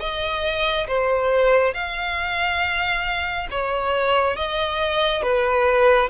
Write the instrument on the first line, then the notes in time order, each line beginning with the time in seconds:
violin
0.00 D#5
0.88 C5
1.74 F5
3.51 C#5
4.36 D#5
5.22 B4